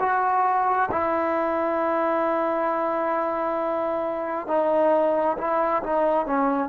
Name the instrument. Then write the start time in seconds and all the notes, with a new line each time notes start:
trombone
0.00 F#4
0.92 E4
4.47 D#4
5.38 E4
5.83 D#4
6.26 C#4